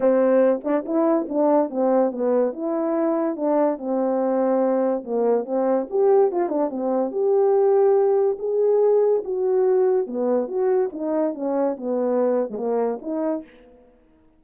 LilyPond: \new Staff \with { instrumentName = "horn" } { \time 4/4 \tempo 4 = 143 c'4. d'8 e'4 d'4 | c'4 b4 e'2 | d'4 c'2. | ais4 c'4 g'4 f'8 d'8 |
c'4 g'2. | gis'2 fis'2 | b4 fis'4 dis'4 cis'4 | b4.~ b16 gis16 ais4 dis'4 | }